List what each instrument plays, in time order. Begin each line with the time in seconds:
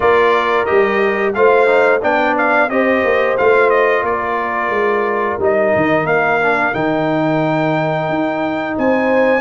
0.00 tuba A#3, trombone F4, horn A#4, trumpet D5
0.65 tuba G3, trombone G4, trumpet D#5
1.33 tuba A3, trombone F4, horn C5, trumpet F5
1.66 trombone D#4
2.02 tuba B3, trombone D4, horn D5, trumpet G5
2.37 trumpet F5
2.69 tuba C4, trombone G4, horn C5, trumpet D#5
3.04 tuba A#3
3.37 tuba A3, trombone F4, trumpet F5
3.70 trumpet D#5
4.02 tuba A#3, horn A#4, trumpet D5
4.69 tuba G#3
5.38 tuba G3, trombone D#4, trumpet D#5
5.75 tuba D#3
6.05 tuba A#3, trumpet F5
6.42 trombone D4
6.73 tuba D#3, trombone D#4, trumpet G5
8.08 tuba D#4
8.78 tuba C4, horn C5, trumpet G#5